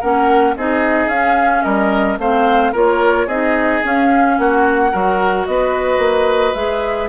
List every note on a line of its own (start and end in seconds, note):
0.00 0.56 A#3
0.00 0.56 C#4
0.00 0.55 A#4
0.00 0.55 F#5
0.56 1.07 C4
0.56 1.12 D#4
0.56 1.64 G#4
0.56 1.09 D#5
1.07 1.62 C#4
1.07 2.20 C#4
1.07 1.63 F5
1.63 2.18 G3
1.63 2.18 A#4
1.63 2.17 D#5
2.18 2.72 A3
2.18 2.74 C4
2.18 2.72 C5
2.18 2.74 F5
2.72 3.27 A#3
2.72 3.29 F4
2.72 3.27 A#4
2.72 3.29 C#5
3.27 3.81 C4
3.27 3.83 D#4
3.27 4.36 G#4
3.27 3.83 D#5
3.83 4.92 C#4
3.83 4.38 C#4
3.83 4.38 F5
4.38 4.93 A#3
4.38 4.91 F#4
4.38 5.46 F#5
4.91 5.47 F#3
4.91 6.55 F#4
4.91 5.46 A#4
5.46 5.98 B3
5.46 7.09 B4
5.46 6.54 D#5
5.98 6.53 A#3
6.54 7.09 G#3
6.54 7.09 G#4
6.54 7.08 E5